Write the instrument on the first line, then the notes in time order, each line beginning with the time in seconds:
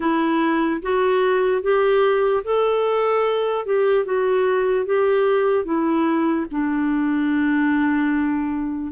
clarinet
0.00 E4
0.81 F#4
1.62 G4
2.43 A4
3.65 G4
4.05 F#4
4.85 G4
5.64 E4
6.51 D4